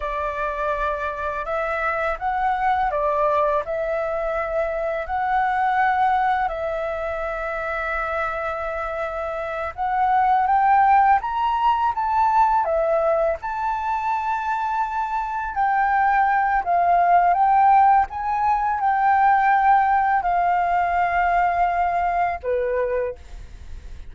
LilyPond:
\new Staff \with { instrumentName = "flute" } { \time 4/4 \tempo 4 = 83 d''2 e''4 fis''4 | d''4 e''2 fis''4~ | fis''4 e''2.~ | e''4. fis''4 g''4 ais''8~ |
ais''8 a''4 e''4 a''4.~ | a''4. g''4. f''4 | g''4 gis''4 g''2 | f''2. b'4 | }